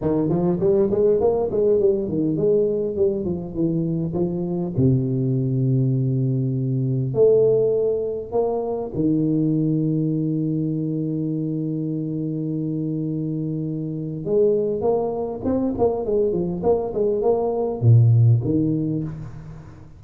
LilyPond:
\new Staff \with { instrumentName = "tuba" } { \time 4/4 \tempo 4 = 101 dis8 f8 g8 gis8 ais8 gis8 g8 dis8 | gis4 g8 f8 e4 f4 | c1 | a2 ais4 dis4~ |
dis1~ | dis1 | gis4 ais4 c'8 ais8 gis8 f8 | ais8 gis8 ais4 ais,4 dis4 | }